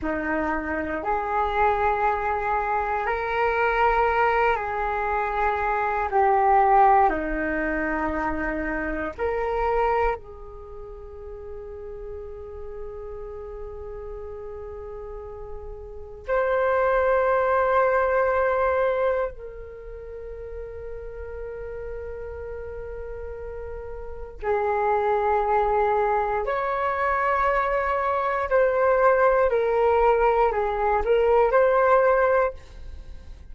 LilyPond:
\new Staff \with { instrumentName = "flute" } { \time 4/4 \tempo 4 = 59 dis'4 gis'2 ais'4~ | ais'8 gis'4. g'4 dis'4~ | dis'4 ais'4 gis'2~ | gis'1 |
c''2. ais'4~ | ais'1 | gis'2 cis''2 | c''4 ais'4 gis'8 ais'8 c''4 | }